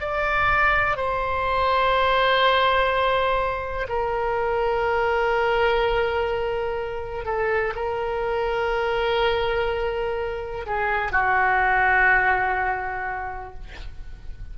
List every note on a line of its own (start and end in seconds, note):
0.00 0.97 D5
0.97 3.87 C5
3.88 7.25 A#4
7.25 7.73 A4
7.76 10.66 A#4
10.66 11.12 G#4
11.12 13.54 F#4